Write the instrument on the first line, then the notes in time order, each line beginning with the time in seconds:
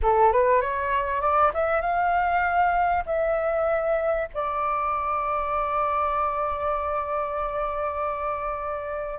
flute
0.02 A4
0.32 B4
0.61 C#5
1.21 D5
1.53 E5
1.81 F5
3.06 E5
4.34 D5